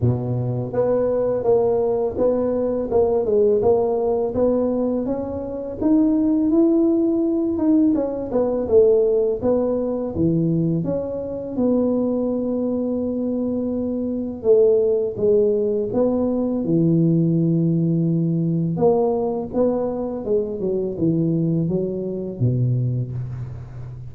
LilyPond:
\new Staff \with { instrumentName = "tuba" } { \time 4/4 \tempo 4 = 83 b,4 b4 ais4 b4 | ais8 gis8 ais4 b4 cis'4 | dis'4 e'4. dis'8 cis'8 b8 | a4 b4 e4 cis'4 |
b1 | a4 gis4 b4 e4~ | e2 ais4 b4 | gis8 fis8 e4 fis4 b,4 | }